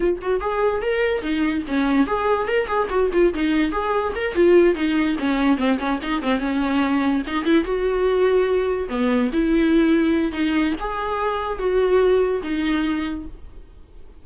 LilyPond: \new Staff \with { instrumentName = "viola" } { \time 4/4 \tempo 4 = 145 f'8 fis'8 gis'4 ais'4 dis'4 | cis'4 gis'4 ais'8 gis'8 fis'8 f'8 | dis'4 gis'4 ais'8 f'4 dis'8~ | dis'8 cis'4 c'8 cis'8 dis'8 c'8 cis'8~ |
cis'4. dis'8 e'8 fis'4.~ | fis'4. b4 e'4.~ | e'4 dis'4 gis'2 | fis'2 dis'2 | }